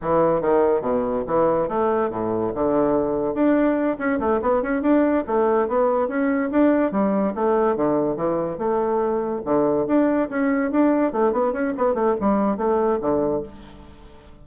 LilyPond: \new Staff \with { instrumentName = "bassoon" } { \time 4/4 \tempo 4 = 143 e4 dis4 b,4 e4 | a4 a,4 d2 | d'4. cis'8 a8 b8 cis'8 d'8~ | d'8 a4 b4 cis'4 d'8~ |
d'8 g4 a4 d4 e8~ | e8 a2 d4 d'8~ | d'8 cis'4 d'4 a8 b8 cis'8 | b8 a8 g4 a4 d4 | }